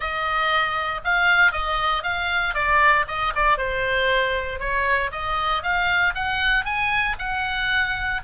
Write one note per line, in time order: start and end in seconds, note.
0.00 1.00 D#5
1.04 1.52 F5
1.52 2.03 D#5
2.03 2.54 F5
2.54 3.05 D5
3.07 3.33 D#5
3.35 3.57 D5
3.57 4.59 C5
4.59 5.10 C#5
5.11 5.62 D#5
5.62 6.14 F5
6.14 6.64 F#5
6.64 7.16 G#5
7.19 8.21 F#5